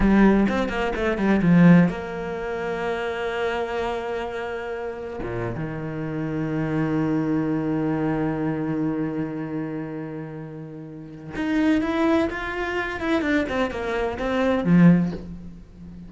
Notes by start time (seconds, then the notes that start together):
0.00 G3
0.49 C4
0.69 A#3
0.95 A3
1.17 G3
1.42 F3
1.89 A#3
5.22 A#2
5.55 D#3
11.35 D#4
11.81 E4
12.30 F4
13.00 E4
13.21 D4
13.48 C4
13.71 A#3
14.18 C4
14.64 F3